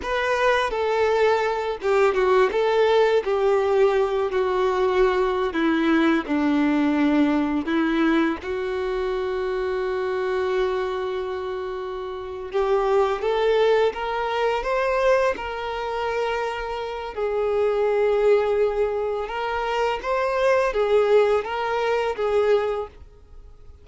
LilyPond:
\new Staff \with { instrumentName = "violin" } { \time 4/4 \tempo 4 = 84 b'4 a'4. g'8 fis'8 a'8~ | a'8 g'4. fis'4.~ fis'16 e'16~ | e'8. d'2 e'4 fis'16~ | fis'1~ |
fis'4. g'4 a'4 ais'8~ | ais'8 c''4 ais'2~ ais'8 | gis'2. ais'4 | c''4 gis'4 ais'4 gis'4 | }